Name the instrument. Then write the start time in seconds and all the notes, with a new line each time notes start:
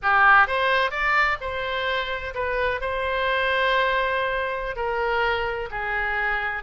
oboe
0.02 G4
0.47 C5
0.90 D5
1.40 C5
2.34 B4
2.80 C5
4.76 A#4
5.70 G#4